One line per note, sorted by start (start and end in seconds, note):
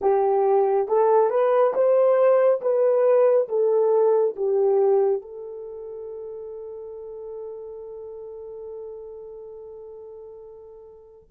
0.01 0.87 G4
0.87 1.30 A4
1.30 1.73 B4
1.74 2.60 C5
2.61 3.48 B4
3.48 4.35 A4
4.36 5.21 G4
5.21 11.30 A4